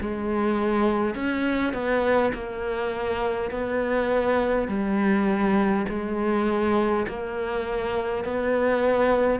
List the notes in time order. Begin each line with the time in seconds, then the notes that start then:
0.00 G#3
1.14 C#4
1.73 B3
2.34 A#3
3.51 B3
4.68 G3
5.89 G#3
7.07 A#3
8.25 B3